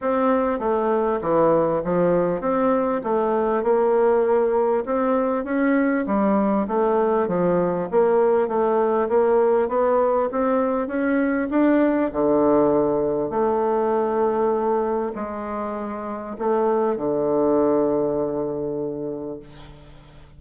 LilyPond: \new Staff \with { instrumentName = "bassoon" } { \time 4/4 \tempo 4 = 99 c'4 a4 e4 f4 | c'4 a4 ais2 | c'4 cis'4 g4 a4 | f4 ais4 a4 ais4 |
b4 c'4 cis'4 d'4 | d2 a2~ | a4 gis2 a4 | d1 | }